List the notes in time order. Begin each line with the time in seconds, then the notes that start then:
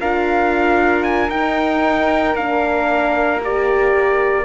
0.00 D4 F4 A#4 F5
1.03 G#5
1.30 D#4 G5
2.34 A#3 D4 F5
3.44 G4 D5